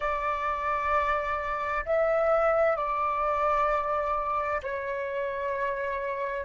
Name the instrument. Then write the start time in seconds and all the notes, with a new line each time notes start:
flute
0.00 D5
1.85 E5
2.76 D5
4.62 C#5